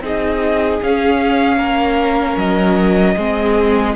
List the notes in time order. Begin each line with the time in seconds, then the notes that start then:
0.00 C4 D#4 G#4 D#5
0.81 C#4 F5
1.57 A#3 A#4
2.37 F#3 D#5
3.16 G#3 C4 G#4